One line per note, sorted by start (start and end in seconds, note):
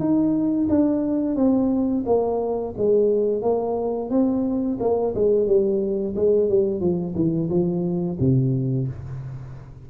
0.00 0.68 D#4
0.70 1.36 D4
1.36 2.04 C4
2.06 2.75 A#3
2.78 3.42 G#3
3.42 4.10 A#3
4.10 4.78 C4
4.80 5.14 A#3
5.15 5.47 G#3
5.47 6.15 G3
6.16 6.49 G#3
6.49 6.81 G3
6.81 7.15 F3
7.15 7.49 E3
7.50 8.18 F3
8.20 8.88 C3